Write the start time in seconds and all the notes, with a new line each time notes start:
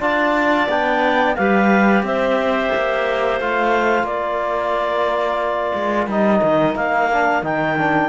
0.00 D4 F4 D5 A5
0.69 B3 D4 G5
1.36 G3 G4 B4 F5
2.03 C4 C5 E5
2.75 A#3
3.40 A3 F4 F5
4.04 A#3 A#4 D5
5.74 G#3
6.07 G3 D#4 D#5
6.43 D#3
6.75 A#3 F5
7.11 D4
7.42 D#3 D#4 G5
7.78 D4